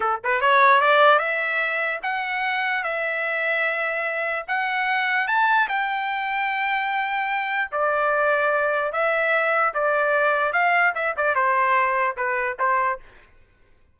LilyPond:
\new Staff \with { instrumentName = "trumpet" } { \time 4/4 \tempo 4 = 148 a'8 b'8 cis''4 d''4 e''4~ | e''4 fis''2 e''4~ | e''2. fis''4~ | fis''4 a''4 g''2~ |
g''2. d''4~ | d''2 e''2 | d''2 f''4 e''8 d''8 | c''2 b'4 c''4 | }